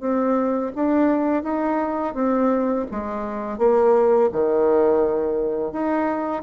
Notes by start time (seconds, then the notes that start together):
0.00 C4
0.75 D4
1.43 D#4
2.14 C4
2.90 G#3
3.58 A#3
4.31 D#3
5.72 D#4